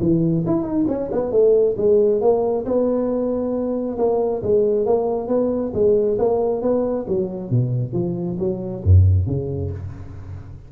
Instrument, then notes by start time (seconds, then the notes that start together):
tuba
0.00 E3
0.46 E4
0.63 D#4
0.88 C#4
1.12 B3
1.31 A3
1.77 G#3
2.21 A#3
2.65 B3
3.98 A#3
4.42 G#3
4.86 A#3
5.28 B3
5.74 G#3
6.18 A#3
6.61 B3
7.07 F#3
7.50 B2
7.93 F3
8.39 F#3
8.84 F#2
9.26 C#3